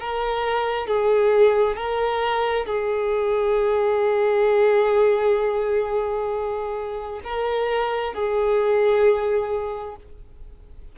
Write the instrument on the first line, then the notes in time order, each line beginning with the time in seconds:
violin
0.00 A#4
0.87 G#4
1.76 A#4
2.66 G#4
7.24 A#4
8.14 G#4